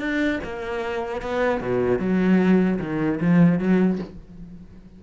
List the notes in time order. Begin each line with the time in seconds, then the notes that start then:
0.00 D4
0.44 A#3
1.22 B3
1.61 B2
1.99 F#3
2.80 D#3
3.21 F3
3.59 F#3